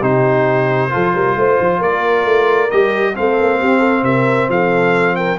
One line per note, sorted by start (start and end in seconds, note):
0.00 0.91 C3
0.00 0.90 D#4
0.00 0.90 G4
0.00 1.82 C5
0.90 1.14 F3
0.90 2.69 F4
0.90 1.14 A4
1.14 1.36 G3
1.14 1.36 A#4
1.36 1.58 A3
1.36 1.78 C5
1.60 1.81 F3
1.78 2.25 A#3
1.78 3.13 A#4
1.78 2.70 D5
2.25 2.70 A3
2.70 3.17 G3
2.70 3.14 G4
2.70 3.15 D#5
3.14 3.40 A3
3.14 5.38 C4
3.14 3.59 A4
3.14 4.04 F5
3.40 3.61 A#3
3.59 4.03 C4
3.59 3.79 G4
3.79 4.01 A4
4.03 4.47 C3
4.03 4.49 A#4
4.03 4.49 E5
4.49 5.38 F3
4.49 5.16 A4
4.49 5.16 F5
5.16 5.39 A#4
5.16 5.38 G5